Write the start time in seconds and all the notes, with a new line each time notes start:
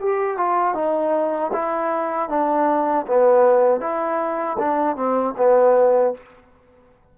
0.00 G4
0.37 F4
0.74 D#4
1.53 E4
2.29 D4
3.07 B3
3.80 E4
4.58 D4
4.96 C4
5.37 B3